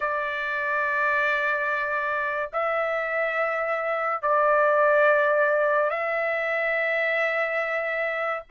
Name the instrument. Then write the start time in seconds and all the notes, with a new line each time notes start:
trumpet
0.00 D5
2.52 E5
4.22 D5
5.89 E5